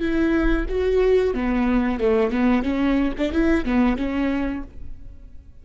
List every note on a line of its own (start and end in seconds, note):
0.00 0.66 E4
0.69 1.34 F#4
1.34 2.00 B3
2.00 2.30 A3
2.30 2.63 B3
2.63 3.13 C#4
3.18 3.32 D4
3.32 3.65 E4
3.65 3.97 B3
3.97 4.63 C#4